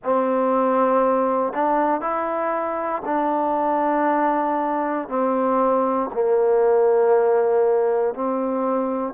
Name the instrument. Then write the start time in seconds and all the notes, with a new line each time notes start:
trombone
0.03 C4
1.53 D4
2.00 E4
3.05 D4
5.08 C4
6.12 A#3
8.14 C4